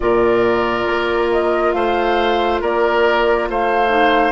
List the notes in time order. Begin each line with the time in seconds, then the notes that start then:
0.00 A#2 F4 A#4 D5
0.86 A#3
1.31 D#5
1.72 A3 C5 F5
2.61 A#3 A#4 D5
3.49 A3 C5 F5
3.89 D#4